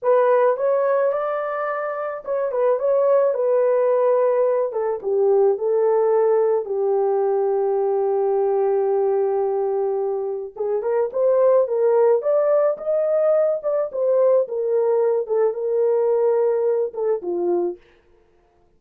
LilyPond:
\new Staff \with { instrumentName = "horn" } { \time 4/4 \tempo 4 = 108 b'4 cis''4 d''2 | cis''8 b'8 cis''4 b'2~ | b'8 a'8 g'4 a'2 | g'1~ |
g'2. gis'8 ais'8 | c''4 ais'4 d''4 dis''4~ | dis''8 d''8 c''4 ais'4. a'8 | ais'2~ ais'8 a'8 f'4 | }